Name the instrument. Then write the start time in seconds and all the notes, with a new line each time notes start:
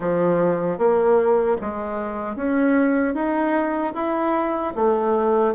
bassoon
0.00 F3
0.78 A#3
1.61 G#3
2.36 C#4
3.14 D#4
3.94 E4
4.75 A3